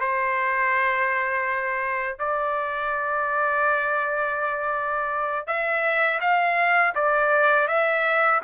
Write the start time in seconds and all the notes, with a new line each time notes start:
0.00 C5
2.19 D5
5.47 E5
6.20 F5
6.95 D5
7.68 E5